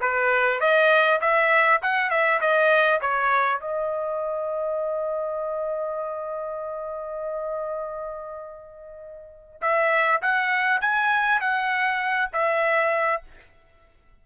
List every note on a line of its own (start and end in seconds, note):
0.00 0.60 B4
0.60 1.20 D#5
1.21 1.81 E5
1.82 2.10 F#5
2.10 2.40 E5
2.40 3.00 D#5
3.01 3.60 C#5
3.60 9.60 D#5
9.61 10.21 E5
10.21 10.81 F#5
10.81 11.41 G#5
11.41 12.31 F#5
12.33 13.23 E5